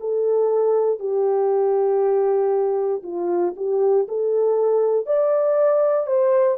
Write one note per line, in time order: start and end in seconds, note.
0.00 0.99 A4
0.99 3.03 G4
3.03 3.54 F4
3.56 4.07 G4
4.08 5.06 A4
5.06 6.06 D5
6.06 6.57 C5